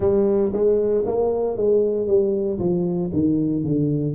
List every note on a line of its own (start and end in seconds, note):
0.00 0.52 G3
0.53 1.04 G#3
1.06 1.57 A#3
1.57 2.07 G#3
2.07 2.59 G3
2.59 3.10 F3
3.13 3.63 D#3
3.63 4.15 D3